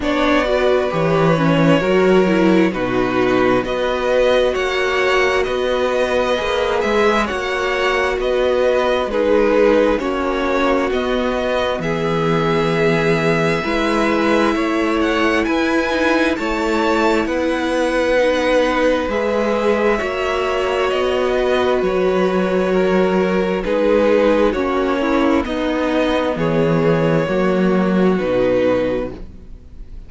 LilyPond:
<<
  \new Staff \with { instrumentName = "violin" } { \time 4/4 \tempo 4 = 66 d''4 cis''2 b'4 | dis''4 fis''4 dis''4. e''8 | fis''4 dis''4 b'4 cis''4 | dis''4 e''2.~ |
e''8 fis''8 gis''4 a''4 fis''4~ | fis''4 e''2 dis''4 | cis''2 b'4 cis''4 | dis''4 cis''2 b'4 | }
  \new Staff \with { instrumentName = "violin" } { \time 4/4 cis''8 b'4. ais'4 fis'4 | b'4 cis''4 b'2 | cis''4 b'4 gis'4 fis'4~ | fis'4 gis'2 b'4 |
cis''4 b'4 cis''4 b'4~ | b'2 cis''4. b'8~ | b'4 ais'4 gis'4 fis'8 e'8 | dis'4 gis'4 fis'2 | }
  \new Staff \with { instrumentName = "viola" } { \time 4/4 d'8 fis'8 g'8 cis'8 fis'8 e'8 dis'4 | fis'2. gis'4 | fis'2 dis'4 cis'4 | b2. e'4~ |
e'4. dis'8 e'2 | dis'4 gis'4 fis'2~ | fis'2 dis'4 cis'4 | b2 ais4 dis'4 | }
  \new Staff \with { instrumentName = "cello" } { \time 4/4 b4 e4 fis4 b,4 | b4 ais4 b4 ais8 gis8 | ais4 b4 gis4 ais4 | b4 e2 gis4 |
a4 e'4 a4 b4~ | b4 gis4 ais4 b4 | fis2 gis4 ais4 | b4 e4 fis4 b,4 | }
>>